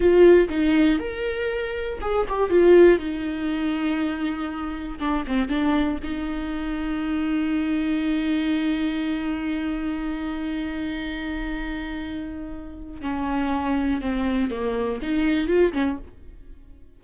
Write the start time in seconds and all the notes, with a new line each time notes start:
0.00 F4
0.49 D#4
0.99 A#4
2.01 G#4
2.28 G4
2.50 F4
2.98 D#4
4.99 D4
5.27 C4
5.48 D4
6.03 D#4
13.01 C#4
14.01 C4
14.50 A#3
15.02 D#4
15.47 F4
15.72 C#4